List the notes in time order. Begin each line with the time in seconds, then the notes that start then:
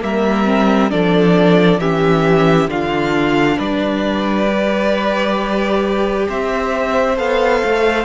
0.00 G3 A#3 A#4 E5
0.45 C4
0.90 F3 D4 A4 D5
1.78 E3 C#4 G4 E5
2.67 D3 D4 F4 F5
3.58 G3 B4 D5
4.47 G4
6.28 C4 C5 E5
7.16 B3 A4 F5
7.64 A3